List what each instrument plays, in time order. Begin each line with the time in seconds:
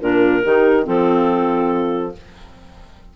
0.00 bassoon A#2, clarinet D4 A#4, horn F4
0.43 bassoon D#3, clarinet D#4, horn G4
0.83 bassoon F3, clarinet C4 A4, horn F4